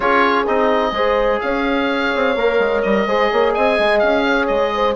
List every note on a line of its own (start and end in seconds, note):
0.00 0.46 C#4
0.00 0.45 F4
0.00 0.92 G#4
0.00 0.46 C#5
0.46 0.91 C4
0.46 0.94 D#4
0.46 1.40 D#5
0.91 1.39 G#3
0.91 2.36 G#4
0.91 1.42 C5
1.40 2.14 C#4
1.40 3.07 C#5
1.40 2.81 F5
2.15 2.36 C4
2.36 2.59 A#3
2.36 3.08 A#4
2.59 2.83 G#3
2.81 3.06 G3
2.81 3.52 D#5
3.06 3.30 G#3
3.06 4.96 G#4
3.06 3.30 C5
3.31 3.56 A#3
3.31 3.53 C#5
3.53 3.78 C4
3.53 4.24 D#5
3.53 3.99 G#5
3.78 4.02 G#3
3.99 4.49 C#4
3.99 4.46 F5
4.25 4.72 C#5
4.47 4.96 G#3
4.47 4.94 D#5
4.74 4.96 C5